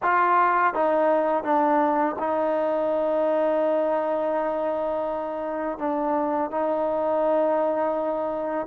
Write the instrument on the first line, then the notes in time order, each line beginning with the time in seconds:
trombone
0.02 F4
0.74 D#4
1.43 D4
2.19 D#4
5.78 D4
6.50 D#4